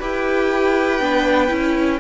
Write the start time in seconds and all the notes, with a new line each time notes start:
0.00 E4 G4 B4 G5
1.00 B3 D4
1.49 C#4 E4